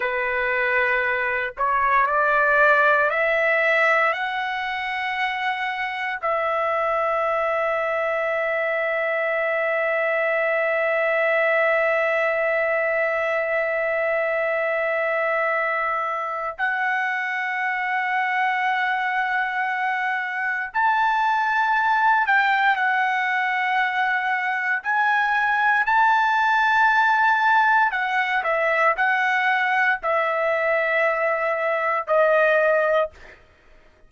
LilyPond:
\new Staff \with { instrumentName = "trumpet" } { \time 4/4 \tempo 4 = 58 b'4. cis''8 d''4 e''4 | fis''2 e''2~ | e''1~ | e''1 |
fis''1 | a''4. g''8 fis''2 | gis''4 a''2 fis''8 e''8 | fis''4 e''2 dis''4 | }